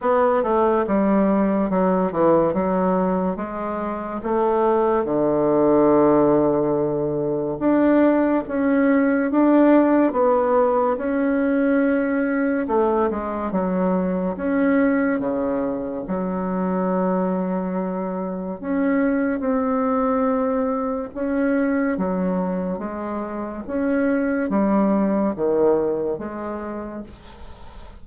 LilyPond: \new Staff \with { instrumentName = "bassoon" } { \time 4/4 \tempo 4 = 71 b8 a8 g4 fis8 e8 fis4 | gis4 a4 d2~ | d4 d'4 cis'4 d'4 | b4 cis'2 a8 gis8 |
fis4 cis'4 cis4 fis4~ | fis2 cis'4 c'4~ | c'4 cis'4 fis4 gis4 | cis'4 g4 dis4 gis4 | }